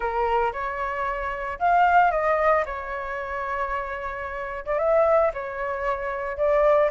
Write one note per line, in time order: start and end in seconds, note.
0.00 0.52 A#4
0.52 1.59 C#5
1.59 2.11 F5
2.11 2.64 D#5
2.65 4.64 C#5
4.65 4.78 D5
4.78 5.31 E5
5.33 6.37 C#5
6.37 6.90 D5